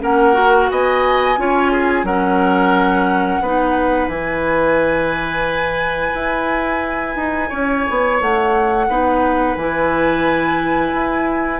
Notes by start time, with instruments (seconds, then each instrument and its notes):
0.00 bassoon A#3, clarinet C#4, oboe A#4, flute F#5
0.33 clarinet F#4
0.69 bassoon B3, oboe D#5, flute G#5
1.37 bassoon C#4, clarinet F4, oboe C#5
1.71 oboe G#4
2.03 bassoon F#3, clarinet C#4, oboe A#4, flute F#5
3.40 bassoon B3, clarinet D#4, oboe B4
4.07 bassoon E3, clarinet E4, flute G#5
6.14 bassoon E4
7.15 bassoon D#4
7.49 bassoon C#4, oboe C#5
7.89 bassoon B3
8.21 bassoon A3, flute F#5
8.88 bassoon B3, clarinet D#4, oboe B4
9.56 bassoon E3, clarinet E4, flute G#5
10.93 bassoon E4